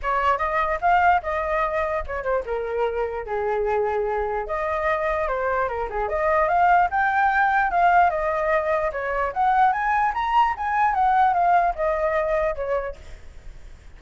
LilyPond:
\new Staff \with { instrumentName = "flute" } { \time 4/4 \tempo 4 = 148 cis''4 dis''4 f''4 dis''4~ | dis''4 cis''8 c''8 ais'2 | gis'2. dis''4~ | dis''4 c''4 ais'8 gis'8 dis''4 |
f''4 g''2 f''4 | dis''2 cis''4 fis''4 | gis''4 ais''4 gis''4 fis''4 | f''4 dis''2 cis''4 | }